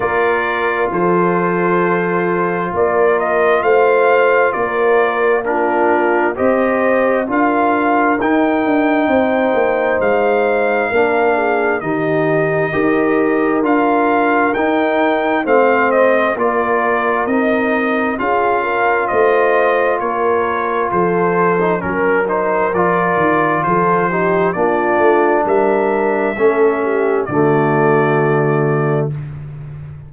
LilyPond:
<<
  \new Staff \with { instrumentName = "trumpet" } { \time 4/4 \tempo 4 = 66 d''4 c''2 d''8 dis''8 | f''4 d''4 ais'4 dis''4 | f''4 g''2 f''4~ | f''4 dis''2 f''4 |
g''4 f''8 dis''8 d''4 dis''4 | f''4 dis''4 cis''4 c''4 | ais'8 c''8 d''4 c''4 d''4 | e''2 d''2 | }
  \new Staff \with { instrumentName = "horn" } { \time 4/4 ais'4 a'2 ais'4 | c''4 ais'4 f'4 c''4 | ais'2 c''2 | ais'8 gis'8 g'4 ais'2~ |
ais'4 c''4 ais'2 | gis'8 ais'8 c''4 ais'4 a'4 | ais'2 a'8 g'8 f'4 | ais'4 a'8 g'8 fis'2 | }
  \new Staff \with { instrumentName = "trombone" } { \time 4/4 f'1~ | f'2 d'4 g'4 | f'4 dis'2. | d'4 dis'4 g'4 f'4 |
dis'4 c'4 f'4 dis'4 | f'2.~ f'8. dis'16 | cis'8 dis'8 f'4. dis'8 d'4~ | d'4 cis'4 a2 | }
  \new Staff \with { instrumentName = "tuba" } { \time 4/4 ais4 f2 ais4 | a4 ais2 c'4 | d'4 dis'8 d'8 c'8 ais8 gis4 | ais4 dis4 dis'4 d'4 |
dis'4 a4 ais4 c'4 | cis'4 a4 ais4 f4 | fis4 f8 dis8 f4 ais8 a8 | g4 a4 d2 | }
>>